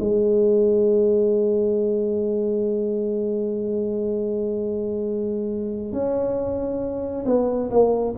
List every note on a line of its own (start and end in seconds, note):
0.00 5.93 G#3
5.93 7.25 C#4
7.26 7.70 B3
7.70 8.15 A#3